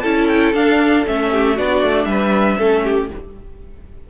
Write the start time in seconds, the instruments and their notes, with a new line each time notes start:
0.00 cello C#4, viola E4, violin A4 A5
0.28 violin G5
0.54 cello D4, viola D4, violin F5
1.06 cello A3, viola C#4, violin E5
1.32 violin G4
1.55 cello B3, viola D4, violin F#4 D5
1.83 cello A3
2.05 cello G3, violin B4 E5
2.58 cello A3, viola C#4, violin A4
2.84 violin G4